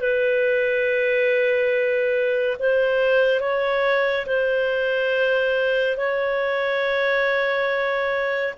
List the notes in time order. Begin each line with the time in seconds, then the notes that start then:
0.00 B4
2.59 C5
3.40 C#5
4.26 C5
5.97 C#5